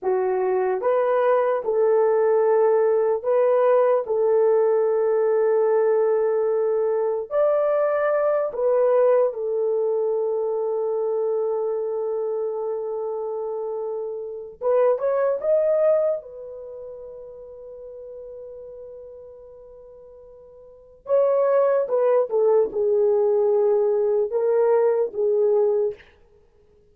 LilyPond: \new Staff \with { instrumentName = "horn" } { \time 4/4 \tempo 4 = 74 fis'4 b'4 a'2 | b'4 a'2.~ | a'4 d''4. b'4 a'8~ | a'1~ |
a'2 b'8 cis''8 dis''4 | b'1~ | b'2 cis''4 b'8 a'8 | gis'2 ais'4 gis'4 | }